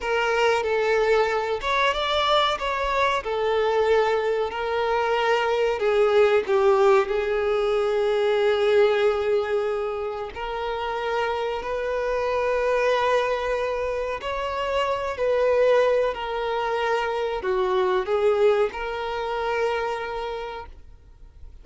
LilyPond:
\new Staff \with { instrumentName = "violin" } { \time 4/4 \tempo 4 = 93 ais'4 a'4. cis''8 d''4 | cis''4 a'2 ais'4~ | ais'4 gis'4 g'4 gis'4~ | gis'1 |
ais'2 b'2~ | b'2 cis''4. b'8~ | b'4 ais'2 fis'4 | gis'4 ais'2. | }